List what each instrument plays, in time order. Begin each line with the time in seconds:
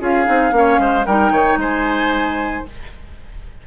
0.00 bassoon C#4, clarinet F4, oboe G#4, flute F5
0.25 bassoon C4, clarinet D#4
0.52 bassoon A#3, clarinet C#4
0.58 oboe C#5
0.79 bassoon G#3, oboe C5
1.06 bassoon G3, clarinet D#4, oboe A#4, flute G5
1.32 bassoon D#3, oboe C#5
1.57 bassoon G#3, oboe C5, flute G#5